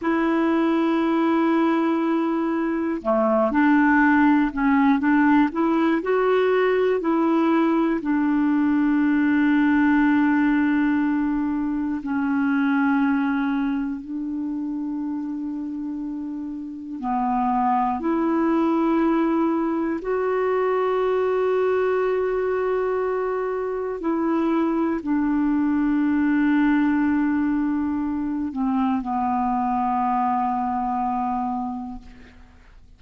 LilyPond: \new Staff \with { instrumentName = "clarinet" } { \time 4/4 \tempo 4 = 60 e'2. a8 d'8~ | d'8 cis'8 d'8 e'8 fis'4 e'4 | d'1 | cis'2 d'2~ |
d'4 b4 e'2 | fis'1 | e'4 d'2.~ | d'8 c'8 b2. | }